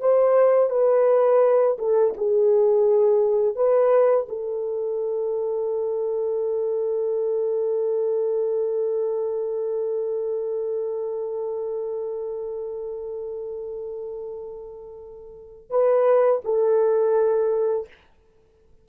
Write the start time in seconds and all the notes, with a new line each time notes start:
0.00 C5
0.70 B4
1.78 A4
2.17 G#4
3.56 B4
4.29 A4
15.70 B4
16.44 A4